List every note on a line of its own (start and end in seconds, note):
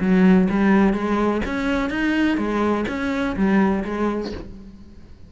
0.00 0.48 F#3
0.50 0.94 G3
0.94 1.41 G#3
1.45 1.90 C#4
1.90 2.37 D#4
2.37 2.85 G#3
2.88 3.36 C#4
3.36 3.84 G3
3.85 4.32 G#3